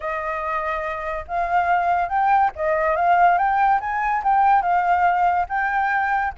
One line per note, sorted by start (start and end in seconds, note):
0.00 1.25 D#5
1.27 2.08 F5
2.08 2.50 G5
2.55 2.96 D#5
2.96 3.37 F5
3.37 3.80 G5
3.80 4.23 G#5
4.23 4.62 G5
4.62 5.46 F5
5.48 6.33 G5